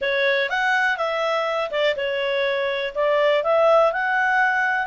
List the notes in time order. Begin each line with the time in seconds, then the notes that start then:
0.01 C#5
0.49 F#5
0.97 E5
1.71 D5
1.96 C#5
2.94 D5
3.43 E5
3.92 F#5